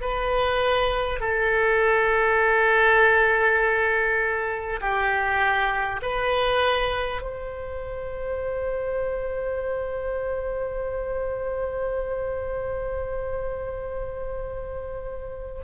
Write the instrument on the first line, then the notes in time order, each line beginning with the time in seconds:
oboe
0.00 B4
1.19 A4
4.80 G4
6.02 B4
7.21 C5